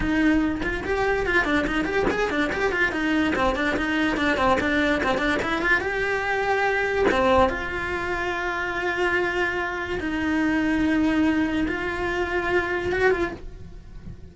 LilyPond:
\new Staff \with { instrumentName = "cello" } { \time 4/4 \tempo 4 = 144 dis'4. f'8 g'4 f'8 d'8 | dis'8 g'8 gis'8 d'8 g'8 f'8 dis'4 | c'8 d'8 dis'4 d'8 c'8 d'4 | c'8 d'8 e'8 f'8 g'2~ |
g'4 c'4 f'2~ | f'1 | dis'1 | f'2. fis'8 f'8 | }